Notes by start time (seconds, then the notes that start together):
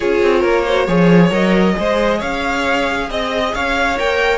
0.00 C#4 F4 G#4 C#5
0.22 C4
0.40 A#3 A#4
0.65 F#4 C5
0.86 F3 G#4 C#5
1.30 F#3 A#4 D#5
1.74 G#3 G#4 C5
2.18 C#4 C#5 F5
3.10 C4 D#5
3.54 C#4 C#5 F5
3.97 A#3 A#4 G5